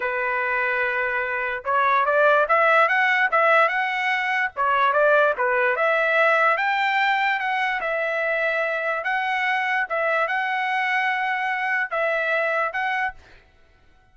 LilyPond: \new Staff \with { instrumentName = "trumpet" } { \time 4/4 \tempo 4 = 146 b'1 | cis''4 d''4 e''4 fis''4 | e''4 fis''2 cis''4 | d''4 b'4 e''2 |
g''2 fis''4 e''4~ | e''2 fis''2 | e''4 fis''2.~ | fis''4 e''2 fis''4 | }